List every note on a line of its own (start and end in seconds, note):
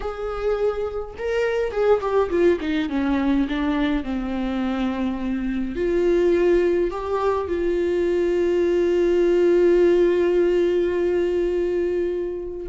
0.00 1.15 G#4
1.18 1.71 A#4
1.71 2.00 G#4
2.01 2.29 G4
2.29 2.58 F4
2.60 2.89 D#4
2.89 3.47 C#4
3.48 4.03 D4
4.03 5.75 C4
5.75 6.90 F4
6.90 7.48 G4
7.48 12.67 F4